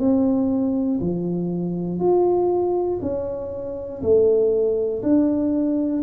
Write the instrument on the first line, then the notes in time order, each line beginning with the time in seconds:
tuba
0.00 C4
1.01 F3
2.00 F4
3.02 C#4
4.02 A3
5.03 D4